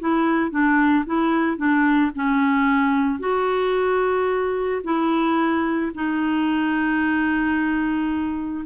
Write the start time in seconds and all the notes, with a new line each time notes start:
0.00 E4
0.51 D4
1.06 E4
1.58 D4
2.16 C#4
3.20 F#4
4.84 E4
5.95 D#4